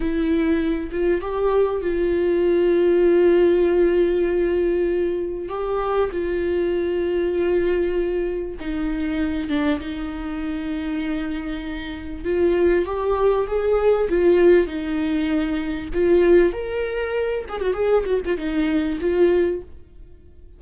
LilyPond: \new Staff \with { instrumentName = "viola" } { \time 4/4 \tempo 4 = 98 e'4. f'8 g'4 f'4~ | f'1~ | f'4 g'4 f'2~ | f'2 dis'4. d'8 |
dis'1 | f'4 g'4 gis'4 f'4 | dis'2 f'4 ais'4~ | ais'8 gis'16 fis'16 gis'8 fis'16 f'16 dis'4 f'4 | }